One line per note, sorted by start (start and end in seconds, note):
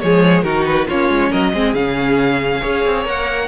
0.00 0.43 F3
0.00 0.44 G#3
0.00 0.45 G#4
0.00 0.42 C#5
0.42 0.87 D#3
0.42 0.88 D#4
0.42 0.87 F#4
0.42 0.64 A#4
0.65 0.87 B4
0.87 1.09 A#3
0.87 1.54 C#4
0.87 1.30 F4
0.87 1.32 C#5
1.09 1.30 G#3
1.30 1.53 F#3
1.30 1.52 A#4
1.30 1.74 D#5
1.53 1.74 G#3
1.53 1.76 C4
1.53 2.61 G#4
1.74 2.61 C#3
1.74 2.61 C#4
1.74 3.04 F5
2.61 2.85 C#4
2.61 3.04 G#4
2.61 3.47 C#5
2.85 3.05 C4
3.04 3.48 A#3
3.04 3.48 A#4
3.04 3.48 F#5